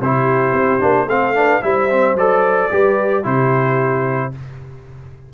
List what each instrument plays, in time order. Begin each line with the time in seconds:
0.00 tuba C3, trombone E4, horn G4, trumpet C5
0.53 tuba C4
0.80 tuba A#3, trombone D4
1.06 tuba A3, trombone C4, horn A4, trumpet F5
1.34 trombone D4, horn B4
1.62 tuba G3, trombone E4, horn C5, trumpet E5
1.90 trombone C4
2.14 tuba F#3, trombone A4, trumpet D5
2.70 tuba G3, trombone G4, horn B4
3.23 tuba C3, trombone E4, horn G4, trumpet C5